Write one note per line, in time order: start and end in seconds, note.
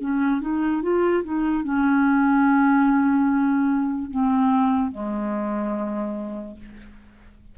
0.00 0.41 C#4
0.41 0.82 D#4
0.82 1.23 F4
1.23 1.64 D#4
1.64 4.10 C#4
4.11 4.91 C4
4.91 6.55 G#3